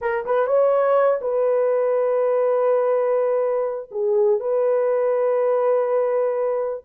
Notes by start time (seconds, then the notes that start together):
0.01 A#4
0.25 B4
0.47 C#5
1.21 B4
3.91 G#4
4.39 B4